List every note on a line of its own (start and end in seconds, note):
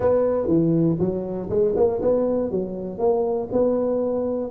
0.00 0.47 B3
0.47 0.97 E3
0.99 1.49 F#3
1.49 1.74 G#3
1.76 2.01 A#3
2.01 2.50 B3
2.50 2.98 F#3
2.98 3.48 A#3
3.52 4.50 B3